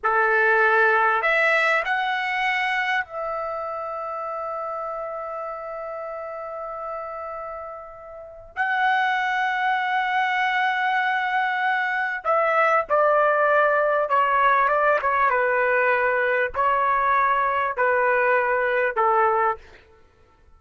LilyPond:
\new Staff \with { instrumentName = "trumpet" } { \time 4/4 \tempo 4 = 98 a'2 e''4 fis''4~ | fis''4 e''2.~ | e''1~ | e''2 fis''2~ |
fis''1 | e''4 d''2 cis''4 | d''8 cis''8 b'2 cis''4~ | cis''4 b'2 a'4 | }